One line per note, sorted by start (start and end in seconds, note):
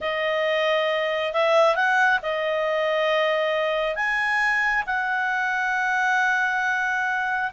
0.00 1.33 D#5
1.33 1.75 E5
1.75 2.19 F#5
2.22 3.95 D#5
3.95 4.83 G#5
4.86 7.51 F#5